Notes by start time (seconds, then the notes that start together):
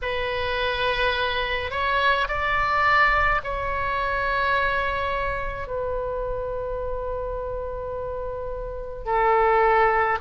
0.02 B4
1.70 C#5
2.27 D5
3.43 C#5
5.67 B4
9.05 A4